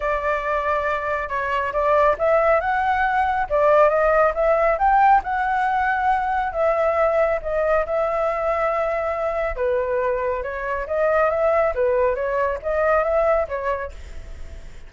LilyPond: \new Staff \with { instrumentName = "flute" } { \time 4/4 \tempo 4 = 138 d''2. cis''4 | d''4 e''4 fis''2 | d''4 dis''4 e''4 g''4 | fis''2. e''4~ |
e''4 dis''4 e''2~ | e''2 b'2 | cis''4 dis''4 e''4 b'4 | cis''4 dis''4 e''4 cis''4 | }